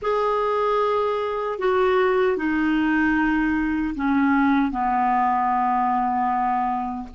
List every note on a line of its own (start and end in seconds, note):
0.01 1.58 G#4
1.58 2.36 F#4
2.36 3.94 D#4
3.95 4.71 C#4
4.71 7.08 B3